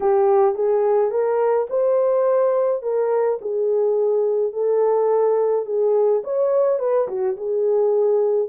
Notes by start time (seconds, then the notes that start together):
0.00 G4
0.55 G#4
1.10 A#4
1.69 C5
2.82 A#4
3.41 G#4
4.52 A4
5.65 G#4
6.24 C#5
6.79 B4
7.08 F#4
7.36 G#4